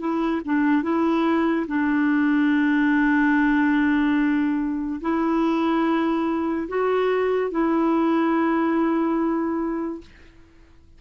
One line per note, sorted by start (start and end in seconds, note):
0.00 0.42 E4
0.45 0.83 D4
0.83 1.66 E4
1.68 5.01 D4
5.02 6.68 E4
6.69 7.52 F#4
7.52 10.02 E4